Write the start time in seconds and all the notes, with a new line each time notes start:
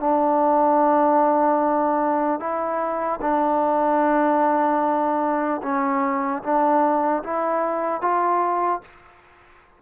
0.00 D4
2.40 E4
3.22 D4
5.63 C#4
6.44 D4
7.24 E4
8.02 F4